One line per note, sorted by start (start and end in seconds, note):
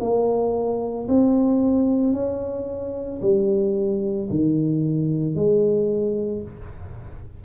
0.00 1.07 A#3
1.08 2.13 C4
2.13 3.20 C#4
3.21 4.29 G3
4.30 5.35 D#3
5.35 6.42 G#3